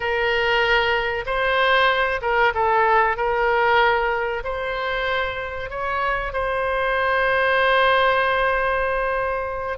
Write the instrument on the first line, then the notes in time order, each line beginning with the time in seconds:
oboe
0.00 A#4
1.25 C5
2.21 A#4
2.54 A4
3.16 A#4
4.44 C5
5.70 C#5
6.32 C5